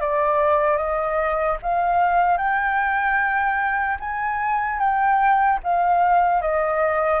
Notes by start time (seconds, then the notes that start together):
0.00 D5
0.77 D#5
1.62 F5
2.37 G5
4.00 G#5
4.79 G5
5.63 F5
6.41 D#5